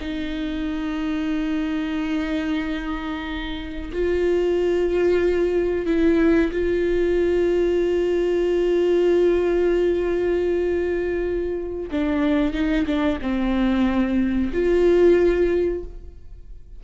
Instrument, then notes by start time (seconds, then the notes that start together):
viola
0.00 D#4
3.92 F4
5.86 E4
6.52 F4
11.91 D4
12.53 D#4
12.86 D4
13.21 C4
14.53 F4